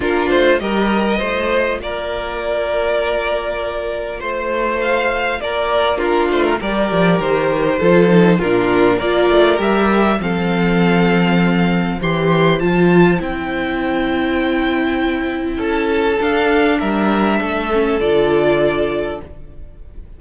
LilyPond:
<<
  \new Staff \with { instrumentName = "violin" } { \time 4/4 \tempo 4 = 100 ais'8 c''8 dis''2 d''4~ | d''2. c''4 | f''4 d''4 ais'8 c''16 ais'16 d''4 | c''2 ais'4 d''4 |
e''4 f''2. | c'''4 a''4 g''2~ | g''2 a''4 f''4 | e''2 d''2 | }
  \new Staff \with { instrumentName = "violin" } { \time 4/4 f'4 ais'4 c''4 ais'4~ | ais'2. c''4~ | c''4 ais'4 f'4 ais'4~ | ais'4 a'4 f'4 ais'4~ |
ais'4 a'2. | c''1~ | c''2 a'2 | ais'4 a'2. | }
  \new Staff \with { instrumentName = "viola" } { \time 4/4 d'4 g'4 f'2~ | f'1~ | f'2 d'4 g'4~ | g'4 f'8 dis'8 d'4 f'4 |
g'4 c'2. | g'4 f'4 e'2~ | e'2. d'4~ | d'4. cis'8 f'2 | }
  \new Staff \with { instrumentName = "cello" } { \time 4/4 ais8 a8 g4 a4 ais4~ | ais2. a4~ | a4 ais4. a8 g8 f8 | dis4 f4 ais,4 ais8 a8 |
g4 f2. | e4 f4 c'2~ | c'2 cis'4 d'4 | g4 a4 d2 | }
>>